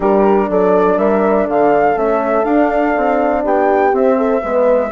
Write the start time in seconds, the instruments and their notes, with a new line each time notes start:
0.00 bassoon G3, horn D4 G4, flute A#4
0.49 bassoon F#3, horn A4, flute D5
0.97 bassoon G3, horn A#4, flute E5
1.44 bassoon D3, horn A4, flute F5
1.95 bassoon A3, horn C#4, flute E5
2.44 bassoon D4, horn D4, flute F5
2.96 bassoon C4
3.43 bassoon B3, horn G4, flute G5
3.92 horn C4, bassoon C4, flute E5
4.17 horn A4
4.42 bassoon G#3, horn B3 B4